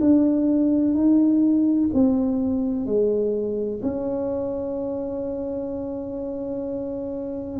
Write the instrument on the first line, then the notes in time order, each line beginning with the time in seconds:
tuba
0.00 D4
0.94 D#4
1.93 C4
2.86 G#3
3.82 C#4